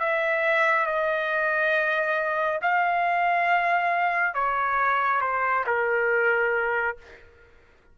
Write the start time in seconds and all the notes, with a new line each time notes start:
0.00 E5
0.86 D#5
2.62 F5
4.34 C#5
5.21 C5
5.66 A#4